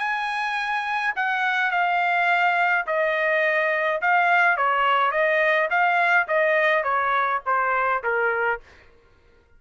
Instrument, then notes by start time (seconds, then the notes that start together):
trumpet
0.00 G#5
1.16 F#5
1.71 F5
2.87 D#5
4.02 F5
4.58 C#5
5.12 D#5
5.71 F5
6.28 D#5
6.84 C#5
7.46 C5
8.04 A#4